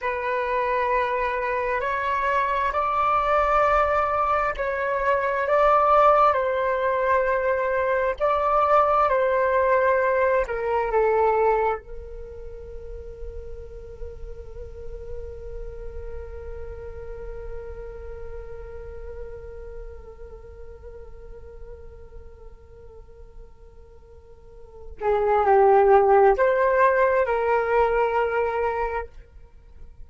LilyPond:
\new Staff \with { instrumentName = "flute" } { \time 4/4 \tempo 4 = 66 b'2 cis''4 d''4~ | d''4 cis''4 d''4 c''4~ | c''4 d''4 c''4. ais'8 | a'4 ais'2.~ |
ais'1~ | ais'1~ | ais'2.~ ais'8 gis'8 | g'4 c''4 ais'2 | }